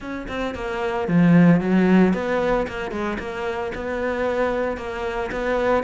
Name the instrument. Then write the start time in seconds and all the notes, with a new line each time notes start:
cello
0.00 C#4
0.28 C4
0.54 A#3
1.07 F3
1.60 F#3
2.13 B3
2.67 A#3
2.91 G#3
3.18 A#3
3.74 B3
4.77 A#3
5.31 B3